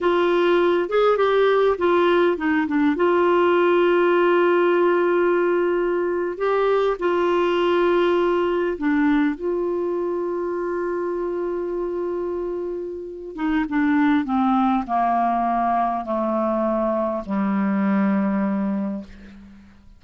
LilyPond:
\new Staff \with { instrumentName = "clarinet" } { \time 4/4 \tempo 4 = 101 f'4. gis'8 g'4 f'4 | dis'8 d'8 f'2.~ | f'2~ f'8. g'4 f'16~ | f'2~ f'8. d'4 f'16~ |
f'1~ | f'2~ f'8 dis'8 d'4 | c'4 ais2 a4~ | a4 g2. | }